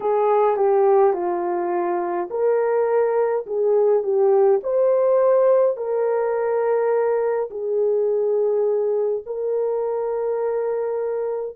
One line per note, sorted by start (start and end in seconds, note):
0.00 0.56 G#4
0.56 1.13 G4
1.13 2.28 F4
2.30 3.45 A#4
3.46 4.03 G#4
4.03 4.60 G4
4.63 5.76 C5
5.76 7.49 A#4
7.50 9.23 G#4
9.26 11.56 A#4